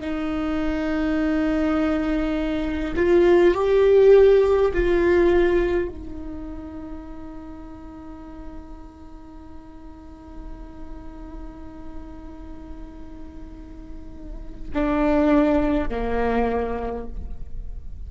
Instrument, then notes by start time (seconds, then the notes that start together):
viola
0.00 D#4
2.96 F4
3.54 G4
4.74 F4
5.88 D#4
14.74 D4
15.89 A#3